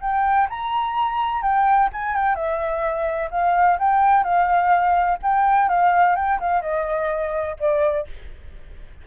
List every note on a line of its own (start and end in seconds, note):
0.00 0.47 G5
0.49 1.42 A#5
1.42 1.89 G5
1.93 2.15 G#5
2.15 2.35 G5
2.35 3.29 E5
3.31 3.78 F5
3.79 4.23 G5
4.23 5.18 F5
5.22 5.69 G5
5.69 6.15 F5
6.15 6.39 G5
6.40 6.62 F5
6.62 7.56 D#5
7.59 8.07 D5